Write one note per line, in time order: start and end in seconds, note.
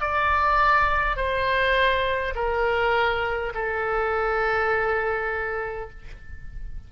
0.00 1.16 D5
1.16 2.34 C5
2.35 3.52 A#4
3.54 5.89 A4